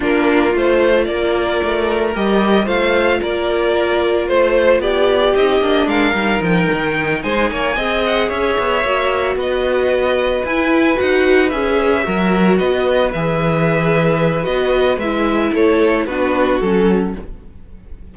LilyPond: <<
  \new Staff \with { instrumentName = "violin" } { \time 4/4 \tempo 4 = 112 ais'4 c''4 d''2 | dis''4 f''4 d''2 | c''4 d''4 dis''4 f''4 | g''4. gis''4. fis''8 e''8~ |
e''4. dis''2 gis''8~ | gis''8 fis''4 e''2 dis''8~ | dis''8 e''2~ e''8 dis''4 | e''4 cis''4 b'4 a'4 | }
  \new Staff \with { instrumentName = "violin" } { \time 4/4 f'2 ais'2~ | ais'4 c''4 ais'2 | c''4 g'2 ais'4~ | ais'4. c''8 cis''8 dis''4 cis''8~ |
cis''4. b'2~ b'8~ | b'2~ b'8 ais'4 b'8~ | b'1~ | b'4 a'4 fis'2 | }
  \new Staff \with { instrumentName = "viola" } { \time 4/4 d'4 f'2. | g'4 f'2.~ | f'2 dis'8 d'4 dis'8~ | dis'2~ dis'8 gis'4.~ |
gis'8 fis'2. e'8~ | e'8 fis'4 gis'4 fis'4.~ | fis'8 gis'2~ gis'8 fis'4 | e'2 d'4 cis'4 | }
  \new Staff \with { instrumentName = "cello" } { \time 4/4 ais4 a4 ais4 a4 | g4 a4 ais2 | a4 b4 c'8 ais8 gis8 g8 | f8 dis4 gis8 ais8 c'4 cis'8 |
b8 ais4 b2 e'8~ | e'8 dis'4 cis'4 fis4 b8~ | b8 e2~ e8 b4 | gis4 a4 b4 fis4 | }
>>